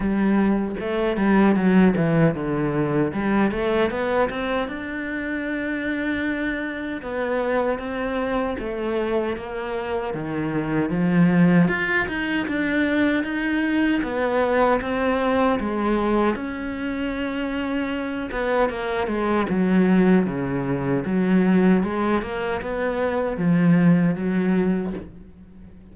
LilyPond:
\new Staff \with { instrumentName = "cello" } { \time 4/4 \tempo 4 = 77 g4 a8 g8 fis8 e8 d4 | g8 a8 b8 c'8 d'2~ | d'4 b4 c'4 a4 | ais4 dis4 f4 f'8 dis'8 |
d'4 dis'4 b4 c'4 | gis4 cis'2~ cis'8 b8 | ais8 gis8 fis4 cis4 fis4 | gis8 ais8 b4 f4 fis4 | }